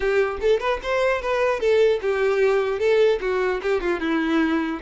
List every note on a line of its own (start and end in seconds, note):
0.00 0.37 G4
0.40 0.60 A4
0.60 0.80 B4
0.82 1.21 C5
1.21 1.59 B4
1.59 1.99 A4
2.01 2.79 G4
2.79 3.19 A4
3.20 3.60 F#4
3.62 3.81 G4
3.81 3.99 F4
3.99 4.79 E4